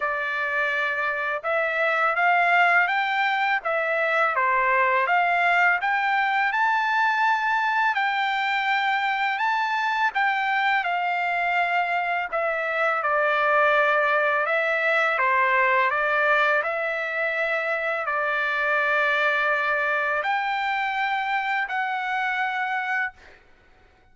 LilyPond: \new Staff \with { instrumentName = "trumpet" } { \time 4/4 \tempo 4 = 83 d''2 e''4 f''4 | g''4 e''4 c''4 f''4 | g''4 a''2 g''4~ | g''4 a''4 g''4 f''4~ |
f''4 e''4 d''2 | e''4 c''4 d''4 e''4~ | e''4 d''2. | g''2 fis''2 | }